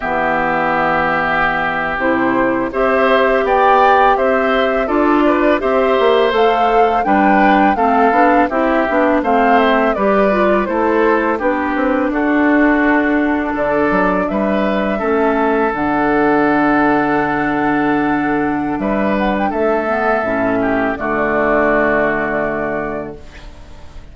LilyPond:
<<
  \new Staff \with { instrumentName = "flute" } { \time 4/4 \tempo 4 = 83 e''2~ e''8. c''4 e''16~ | e''8. g''4 e''4 d''4 e''16~ | e''8. f''4 g''4 f''4 e''16~ | e''8. f''8 e''8 d''4 c''4 b'16~ |
b'8. a'2 d''4 e''16~ | e''4.~ e''16 fis''2~ fis''16~ | fis''2 e''8 fis''16 g''16 e''4~ | e''4 d''2. | }
  \new Staff \with { instrumentName = "oboe" } { \time 4/4 g'2.~ g'8. c''16~ | c''8. d''4 c''4 a'8 b'8 c''16~ | c''4.~ c''16 b'4 a'4 g'16~ | g'8. c''4 b'4 a'4 g'16~ |
g'8. fis'2 a'4 b'16~ | b'8. a'2.~ a'16~ | a'2 b'4 a'4~ | a'8 g'8 fis'2. | }
  \new Staff \with { instrumentName = "clarinet" } { \time 4/4 b2~ b8. e'4 g'16~ | g'2~ g'8. f'4 g'16~ | g'8. a'4 d'4 c'8 d'8 e'16~ | e'16 d'8 c'4 g'8 f'8 e'4 d'16~ |
d'1~ | d'8. cis'4 d'2~ d'16~ | d'2.~ d'8 b8 | cis'4 a2. | }
  \new Staff \with { instrumentName = "bassoon" } { \time 4/4 e2~ e8. c4 c'16~ | c'8. b4 c'4 d'4 c'16~ | c'16 ais8 a4 g4 a8 b8 c'16~ | c'16 b8 a4 g4 a4 b16~ |
b16 c'8 d'2 d8 fis8 g16~ | g8. a4 d2~ d16~ | d2 g4 a4 | a,4 d2. | }
>>